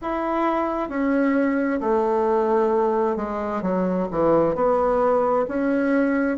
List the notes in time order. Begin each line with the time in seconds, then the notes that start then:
0.01 E4
0.89 C#4
1.80 A3
3.16 G#3
3.62 F#3
4.11 E3
4.55 B3
5.48 C#4